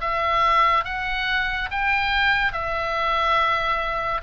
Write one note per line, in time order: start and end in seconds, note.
0.00 0.84 E5
0.84 1.69 F#5
1.71 2.52 G5
2.52 4.21 E5